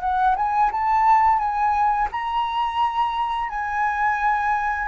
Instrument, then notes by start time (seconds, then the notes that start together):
flute
0.00 F#5
0.36 G#5
0.71 A5
1.38 G#5
2.12 A#5
3.49 G#5